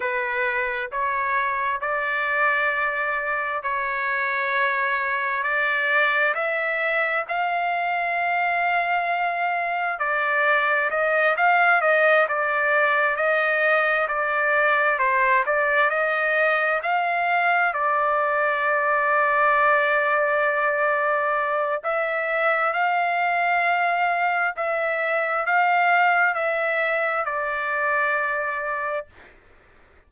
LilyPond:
\new Staff \with { instrumentName = "trumpet" } { \time 4/4 \tempo 4 = 66 b'4 cis''4 d''2 | cis''2 d''4 e''4 | f''2. d''4 | dis''8 f''8 dis''8 d''4 dis''4 d''8~ |
d''8 c''8 d''8 dis''4 f''4 d''8~ | d''1 | e''4 f''2 e''4 | f''4 e''4 d''2 | }